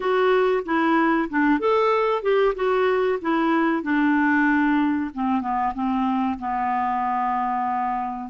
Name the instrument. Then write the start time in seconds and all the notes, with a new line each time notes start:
clarinet
0.00 F#4
0.65 E4
1.29 D4
1.59 A4
2.22 G4
2.55 F#4
3.21 E4
3.83 D4
5.14 C4
5.41 B3
5.74 C4
6.38 B3